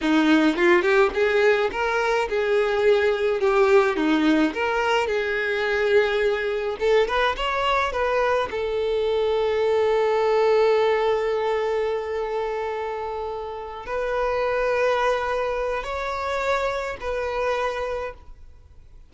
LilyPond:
\new Staff \with { instrumentName = "violin" } { \time 4/4 \tempo 4 = 106 dis'4 f'8 g'8 gis'4 ais'4 | gis'2 g'4 dis'4 | ais'4 gis'2. | a'8 b'8 cis''4 b'4 a'4~ |
a'1~ | a'1~ | a'8 b'2.~ b'8 | cis''2 b'2 | }